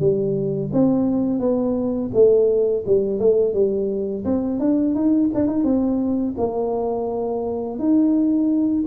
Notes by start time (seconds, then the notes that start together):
0.00 G3
0.73 C4
1.40 B3
2.14 A3
2.87 G3
3.20 A3
3.54 G3
4.25 C4
4.60 D4
4.95 D#4
5.35 D4
5.48 D#4
5.64 C4
6.38 A#3
7.79 D#4